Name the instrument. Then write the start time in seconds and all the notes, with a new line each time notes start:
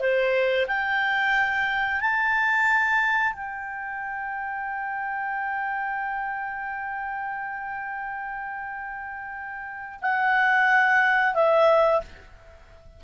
clarinet
0.00 C5
0.68 G5
2.01 A5
3.34 G5
10.02 F#5
11.35 E5